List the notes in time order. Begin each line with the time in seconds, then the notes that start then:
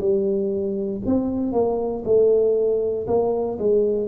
0.00 G3
1.06 C4
1.53 A#3
2.05 A3
3.07 A#3
3.59 G#3